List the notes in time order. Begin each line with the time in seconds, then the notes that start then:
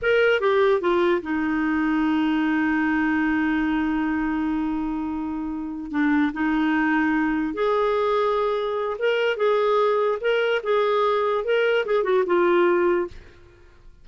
0.02 A#4
0.40 G4
0.81 F4
1.22 D#4
5.91 D4
6.33 D#4
7.53 G#4
8.99 A#4
9.36 G#4
10.20 A#4
10.63 G#4
11.44 A#4
11.85 G#4
12.03 F#4
12.26 F4